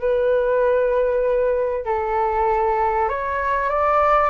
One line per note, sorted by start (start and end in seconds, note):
0.00 1.85 B4
1.85 3.09 A4
3.09 3.70 C#5
3.70 4.30 D5